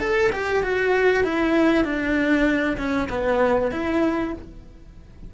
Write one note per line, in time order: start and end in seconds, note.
0.00 0.31 A4
0.32 0.63 G4
0.63 1.24 F#4
1.24 1.84 E4
1.84 2.77 D4
2.78 3.08 C#4
3.10 3.72 B3
3.72 4.34 E4